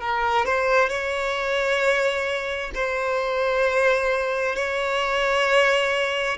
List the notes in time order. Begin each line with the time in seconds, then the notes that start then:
0.00 A#4
0.45 C5
0.89 C#5
2.74 C5
4.55 C#5